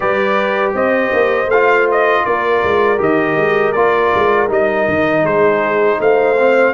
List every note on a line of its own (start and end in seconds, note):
0.00 0.74 G3
0.00 1.47 G4
0.00 0.73 B4
0.00 0.72 D5
0.74 1.11 C4
0.74 2.25 C5
0.74 1.50 D#5
1.13 1.46 A#3
1.46 2.21 A3
1.46 1.87 F5
1.52 2.97 F4
1.91 2.25 D#5
2.25 2.63 A#3
2.25 5.23 A#4
2.25 3.00 D5
2.63 2.99 G#3
2.97 3.36 D#3
2.97 3.72 G4
2.97 3.72 D#5
3.36 3.73 G#3
3.72 4.12 A#3
3.72 4.48 F4
3.72 4.47 D5
4.14 4.49 G#3
4.48 4.86 G3
4.48 6.35 D#4
4.48 5.25 D#5
4.87 5.23 D#3
5.23 5.98 G#3
5.23 5.98 G#4
5.23 6.00 C5
5.99 6.74 A3
5.99 6.74 C5
5.99 6.74 F5
6.38 6.74 C4